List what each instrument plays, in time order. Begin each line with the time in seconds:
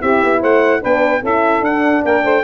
0.00 tuba C4, horn E4, saxophone G4, trumpet E5
0.23 tuba B3
0.40 tuba A3, saxophone C5, trumpet F#5
0.81 tuba B3, horn D4, saxophone B4, trumpet G5
1.22 tuba C#4, horn E4, saxophone A4, trumpet E5
1.61 tuba D4, horn D4, trumpet F#5
2.05 tuba A#3, saxophone A#4, trumpet G5
2.24 tuba A3, saxophone C5